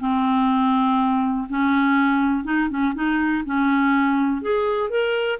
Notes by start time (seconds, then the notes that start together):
0.00 C4
1.50 C#4
2.45 D#4
2.70 C#4
2.95 D#4
3.46 C#4
4.42 G#4
4.90 A#4